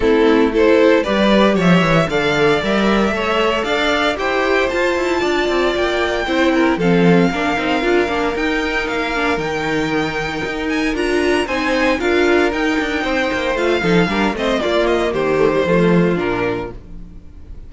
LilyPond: <<
  \new Staff \with { instrumentName = "violin" } { \time 4/4 \tempo 4 = 115 a'4 c''4 d''4 e''4 | f''4 e''2 f''4 | g''4 a''2 g''4~ | g''4 f''2. |
g''4 f''4 g''2~ | g''8 gis''8 ais''4 gis''4 f''4 | g''2 f''4. dis''8 | d''8 dis''8 c''2 ais'4 | }
  \new Staff \with { instrumentName = "violin" } { \time 4/4 e'4 a'4 b'4 cis''4 | d''2 cis''4 d''4 | c''2 d''2 | c''8 ais'8 a'4 ais'2~ |
ais'1~ | ais'2 c''4 ais'4~ | ais'4 c''4. a'8 ais'8 c''8 | f'4 g'4 f'2 | }
  \new Staff \with { instrumentName = "viola" } { \time 4/4 c'4 e'4 g'2 | a'4 ais'4 a'2 | g'4 f'2. | e'4 c'4 d'8 dis'8 f'8 d'8 |
dis'4. d'8 dis'2~ | dis'4 f'4 dis'4 f'4 | dis'2 f'8 dis'8 d'8 c'8 | ais4. a16 g16 a4 d'4 | }
  \new Staff \with { instrumentName = "cello" } { \time 4/4 a2 g4 f8 e8 | d4 g4 a4 d'4 | e'4 f'8 e'8 d'8 c'8 ais4 | c'4 f4 ais8 c'8 d'8 ais8 |
dis'4 ais4 dis2 | dis'4 d'4 c'4 d'4 | dis'8 d'8 c'8 ais8 a8 f8 g8 a8 | ais4 dis4 f4 ais,4 | }
>>